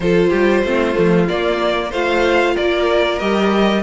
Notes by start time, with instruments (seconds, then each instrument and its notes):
0.00 cello F3, viola F4, violin A4 C5
0.29 cello G3, violin G4
0.63 cello A3, viola C4, violin F4
0.94 cello F3, viola A3
1.28 viola A#3, cello A#3, violin D5
1.90 cello A3, viola F4, violin C5 F5
2.54 cello A#3, violin A#4 D5
3.19 cello G3, viola G4, violin D#5